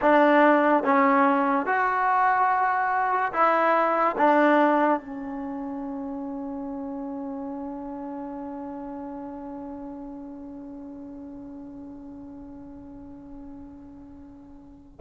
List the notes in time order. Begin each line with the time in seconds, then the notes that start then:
0.02 D4
0.83 C#4
1.66 F#4
3.33 E4
4.17 D4
5.00 C#4